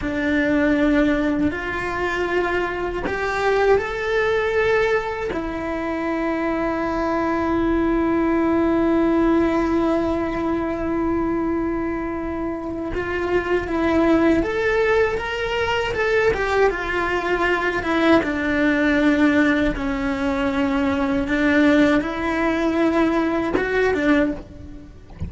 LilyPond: \new Staff \with { instrumentName = "cello" } { \time 4/4 \tempo 4 = 79 d'2 f'2 | g'4 a'2 e'4~ | e'1~ | e'1~ |
e'4 f'4 e'4 a'4 | ais'4 a'8 g'8 f'4. e'8 | d'2 cis'2 | d'4 e'2 fis'8 d'8 | }